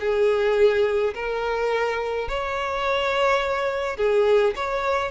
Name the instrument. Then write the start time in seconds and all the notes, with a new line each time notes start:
violin
0.00 G#4
1.15 A#4
2.29 C#5
3.97 G#4
4.56 C#5